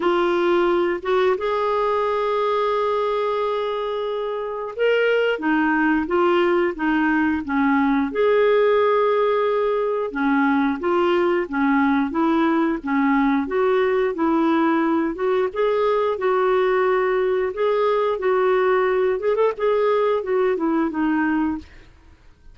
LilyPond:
\new Staff \with { instrumentName = "clarinet" } { \time 4/4 \tempo 4 = 89 f'4. fis'8 gis'2~ | gis'2. ais'4 | dis'4 f'4 dis'4 cis'4 | gis'2. cis'4 |
f'4 cis'4 e'4 cis'4 | fis'4 e'4. fis'8 gis'4 | fis'2 gis'4 fis'4~ | fis'8 gis'16 a'16 gis'4 fis'8 e'8 dis'4 | }